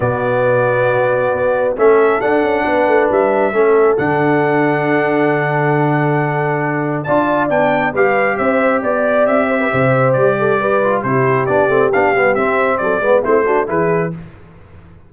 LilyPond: <<
  \new Staff \with { instrumentName = "trumpet" } { \time 4/4 \tempo 4 = 136 d''1 | e''4 fis''2 e''4~ | e''4 fis''2.~ | fis''1 |
a''4 g''4 f''4 e''4 | d''4 e''2 d''4~ | d''4 c''4 d''4 f''4 | e''4 d''4 c''4 b'4 | }
  \new Staff \with { instrumentName = "horn" } { \time 4/4 fis'1 | a'2 b'2 | a'1~ | a'1 |
d''2 b'4 c''4 | d''4. c''16 b'16 c''4. a'8 | b'4 g'2.~ | g'4 a'8 b'8 e'8 fis'8 gis'4 | }
  \new Staff \with { instrumentName = "trombone" } { \time 4/4 b1 | cis'4 d'2. | cis'4 d'2.~ | d'1 |
f'4 d'4 g'2~ | g'1~ | g'8 f'8 e'4 d'8 c'8 d'8 b8 | c'4. b8 c'8 d'8 e'4 | }
  \new Staff \with { instrumentName = "tuba" } { \time 4/4 b,2. b4 | a4 d'8 cis'8 b8 a8 g4 | a4 d2.~ | d1 |
d'4 b4 g4 c'4 | b4 c'4 c4 g4~ | g4 c4 b8 a8 b8 g8 | c'4 fis8 gis8 a4 e4 | }
>>